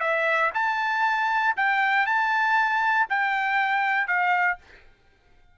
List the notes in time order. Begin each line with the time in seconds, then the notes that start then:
0.00 E5
0.54 A5
1.57 G5
2.06 A5
3.09 G5
4.07 F5